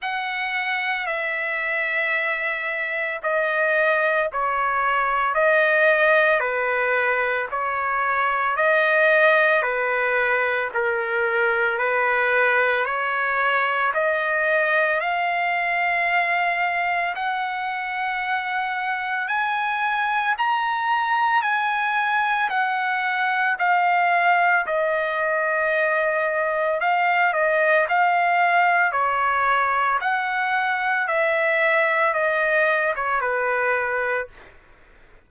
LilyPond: \new Staff \with { instrumentName = "trumpet" } { \time 4/4 \tempo 4 = 56 fis''4 e''2 dis''4 | cis''4 dis''4 b'4 cis''4 | dis''4 b'4 ais'4 b'4 | cis''4 dis''4 f''2 |
fis''2 gis''4 ais''4 | gis''4 fis''4 f''4 dis''4~ | dis''4 f''8 dis''8 f''4 cis''4 | fis''4 e''4 dis''8. cis''16 b'4 | }